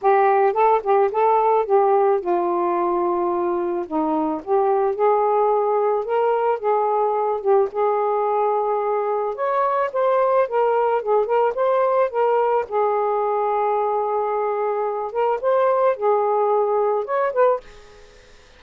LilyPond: \new Staff \with { instrumentName = "saxophone" } { \time 4/4 \tempo 4 = 109 g'4 a'8 g'8 a'4 g'4 | f'2. dis'4 | g'4 gis'2 ais'4 | gis'4. g'8 gis'2~ |
gis'4 cis''4 c''4 ais'4 | gis'8 ais'8 c''4 ais'4 gis'4~ | gis'2.~ gis'8 ais'8 | c''4 gis'2 cis''8 b'8 | }